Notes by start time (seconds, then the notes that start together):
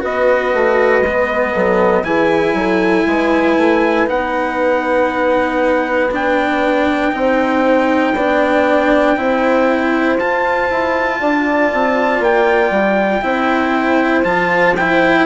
0.00 B3 F#4 B4 D#5
0.54 A3
1.01 G#3 B3
1.53 F#3 A4
2.04 E3 E4 G#4 G#5
2.53 F#3 A4
3.07 G#3 B4
3.57 A3
4.06 B3 D#4 F#5
6.11 D4 G5
7.12 C4 D#4 C5
8.14 B3 D4 D5
9.16 C4 E4 C5
10.18 F4 A5
10.69 E4
11.20 D4 D5
11.73 C4
12.20 A#3 G5
12.71 G3
13.22 C4 E4 C5
14.24 F3 F4 A5
14.76 E4 G5